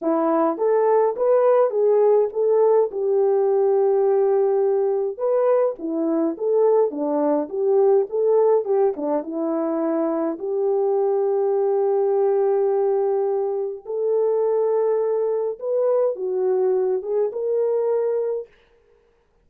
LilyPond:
\new Staff \with { instrumentName = "horn" } { \time 4/4 \tempo 4 = 104 e'4 a'4 b'4 gis'4 | a'4 g'2.~ | g'4 b'4 e'4 a'4 | d'4 g'4 a'4 g'8 d'8 |
e'2 g'2~ | g'1 | a'2. b'4 | fis'4. gis'8 ais'2 | }